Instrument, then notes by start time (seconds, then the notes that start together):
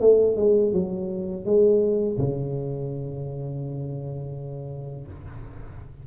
tuba
0.00 A3
0.36 G#3
0.72 F#3
1.45 G#3
2.18 C#3